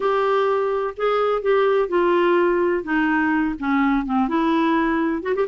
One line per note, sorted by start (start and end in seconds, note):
0.00 0.94 G4
0.97 1.42 G#4
1.42 1.88 G4
1.88 2.83 F4
2.83 3.55 D#4
3.59 4.05 C#4
4.05 4.28 C4
4.28 5.22 E4
5.22 5.34 F#4
5.35 5.47 G4